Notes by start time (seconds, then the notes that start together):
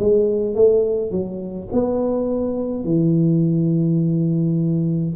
0.00 G#3
0.56 A3
1.12 F#3
1.73 B3
2.85 E3